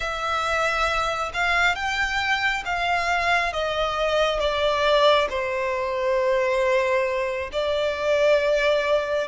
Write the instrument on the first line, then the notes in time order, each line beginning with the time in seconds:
violin
0.00 E5
1.33 F5
1.75 G5
2.65 F5
3.53 D#5
4.39 D5
5.29 C5
7.52 D5